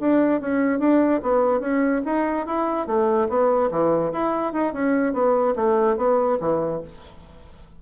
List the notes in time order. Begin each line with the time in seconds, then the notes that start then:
0.00 D4
0.41 C#4
0.79 D4
1.22 B3
1.60 C#4
2.05 D#4
2.46 E4
2.86 A3
3.28 B3
3.71 E3
4.12 E4
4.53 D#4
4.73 C#4
5.13 B3
5.55 A3
5.97 B3
6.40 E3